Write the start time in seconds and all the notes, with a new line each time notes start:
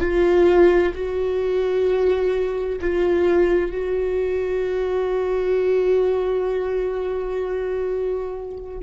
0.00 F4
0.94 F#4
2.81 F4
3.71 F#4